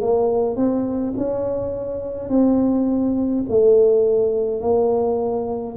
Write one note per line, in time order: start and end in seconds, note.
0.00 0.56 A#3
0.56 1.13 C4
1.17 2.29 C#4
2.29 3.44 C4
3.49 4.60 A3
4.60 5.76 A#3